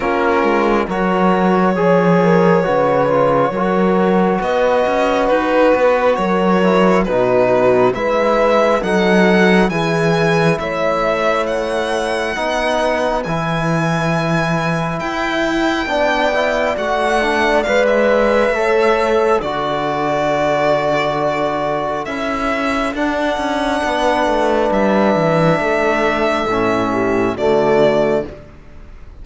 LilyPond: <<
  \new Staff \with { instrumentName = "violin" } { \time 4/4 \tempo 4 = 68 ais'4 cis''2.~ | cis''4 dis''4 b'4 cis''4 | b'4 e''4 fis''4 gis''4 | e''4 fis''2 gis''4~ |
gis''4 g''2 fis''4 | f''16 e''4.~ e''16 d''2~ | d''4 e''4 fis''2 | e''2. d''4 | }
  \new Staff \with { instrumentName = "horn" } { \time 4/4 f'4 ais'4 cis''8 ais'8 b'4 | ais'4 b'2 ais'4 | fis'4 b'4 a'4 gis'4 | cis''2 b'2~ |
b'2 d''2~ | d''4 cis''4 a'2~ | a'2. b'4~ | b'4 a'4. g'8 fis'4 | }
  \new Staff \with { instrumentName = "trombone" } { \time 4/4 cis'4 fis'4 gis'4 fis'8 f'8 | fis'2.~ fis'8 e'8 | dis'4 e'4 dis'4 e'4~ | e'2 dis'4 e'4~ |
e'2 d'8 e'8 fis'8 d'8 | b'4 a'4 fis'2~ | fis'4 e'4 d'2~ | d'2 cis'4 a4 | }
  \new Staff \with { instrumentName = "cello" } { \time 4/4 ais8 gis8 fis4 f4 cis4 | fis4 b8 cis'8 dis'8 b8 fis4 | b,4 gis4 fis4 e4 | a2 b4 e4~ |
e4 e'4 b4 a4 | gis4 a4 d2~ | d4 cis'4 d'8 cis'8 b8 a8 | g8 e8 a4 a,4 d4 | }
>>